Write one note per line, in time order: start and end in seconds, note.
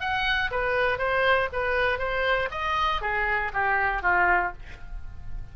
0.00 0.50 F#5
0.51 0.98 B4
0.98 1.49 C5
1.52 1.98 B4
1.98 2.49 C5
2.51 3.01 D#5
3.01 3.52 G#4
3.53 4.02 G4
4.02 4.52 F4